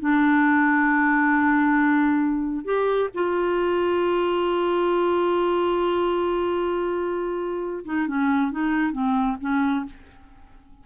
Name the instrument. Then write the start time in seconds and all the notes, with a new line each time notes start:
clarinet
0.00 D4
2.65 G4
3.14 F4
7.85 D#4
8.08 C#4
8.51 D#4
8.92 C4
9.41 C#4